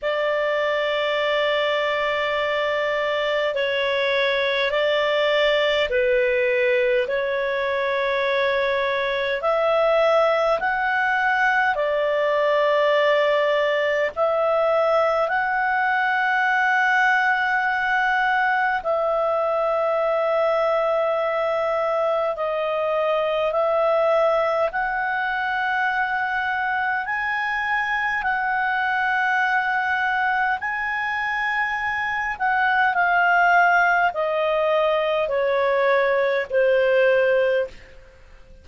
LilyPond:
\new Staff \with { instrumentName = "clarinet" } { \time 4/4 \tempo 4 = 51 d''2. cis''4 | d''4 b'4 cis''2 | e''4 fis''4 d''2 | e''4 fis''2. |
e''2. dis''4 | e''4 fis''2 gis''4 | fis''2 gis''4. fis''8 | f''4 dis''4 cis''4 c''4 | }